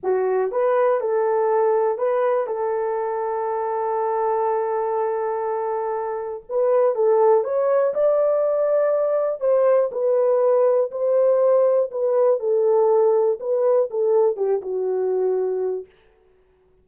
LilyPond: \new Staff \with { instrumentName = "horn" } { \time 4/4 \tempo 4 = 121 fis'4 b'4 a'2 | b'4 a'2.~ | a'1~ | a'4 b'4 a'4 cis''4 |
d''2. c''4 | b'2 c''2 | b'4 a'2 b'4 | a'4 g'8 fis'2~ fis'8 | }